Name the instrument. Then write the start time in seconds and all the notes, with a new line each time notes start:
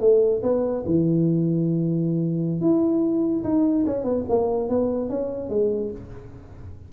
tuba
0.00 A3
0.42 B3
0.86 E3
2.61 E4
3.43 D#4
3.86 C#4
4.04 B3
4.29 A#3
4.69 B3
5.09 C#4
5.49 G#3